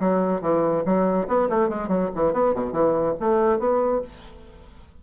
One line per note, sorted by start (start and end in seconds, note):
0.00 0.42 F#3
0.42 0.84 E3
0.86 1.28 F#3
1.28 1.49 B3
1.50 1.69 A3
1.69 1.88 G#3
1.88 2.10 F#3
2.15 2.33 E3
2.33 2.54 B3
2.54 2.73 B2
2.73 3.15 E3
3.20 3.60 A3
3.60 4.02 B3